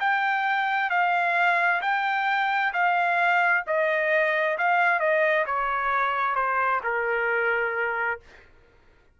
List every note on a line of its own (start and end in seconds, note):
0.00 0.90 G5
0.90 1.81 F5
1.82 2.73 G5
2.73 3.64 F5
3.67 4.58 D#5
4.58 5.00 F5
5.00 5.45 D#5
5.46 6.35 C#5
6.35 6.81 C5
6.83 8.20 A#4